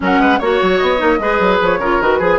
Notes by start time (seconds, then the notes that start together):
0.00 F#3 C#4 A#4 F#5
0.18 G#3 B4
0.39 A#3 F#4 C#5
0.61 F#3
0.77 B3 D#5
0.97 A#3 D#4
1.19 G#3 G#4 B4
1.39 F#3
1.61 F3 C#5
1.78 C#3 F4 A#4
2.00 D#3 F#4 B4
2.19 F3 G#4